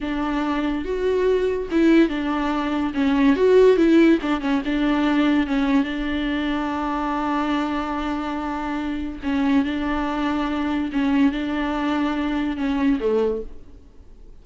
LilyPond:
\new Staff \with { instrumentName = "viola" } { \time 4/4 \tempo 4 = 143 d'2 fis'2 | e'4 d'2 cis'4 | fis'4 e'4 d'8 cis'8 d'4~ | d'4 cis'4 d'2~ |
d'1~ | d'2 cis'4 d'4~ | d'2 cis'4 d'4~ | d'2 cis'4 a4 | }